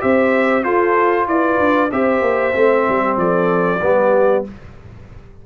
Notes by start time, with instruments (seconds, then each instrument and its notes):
0.00 tuba C4, trombone G4, horn C5, trumpet E5
0.63 trombone F4, tuba F4, horn A4, trumpet C5
1.27 tuba E4, horn B4, trumpet D5
1.59 tuba D4
1.91 tuba C4, trombone G4, horn C5, trumpet E5
2.21 tuba A#3
2.53 tuba A3, trombone C4
2.87 tuba G3, horn G4
3.16 tuba F3, horn A4, trumpet D5
3.81 tuba G3, trombone B3, horn G4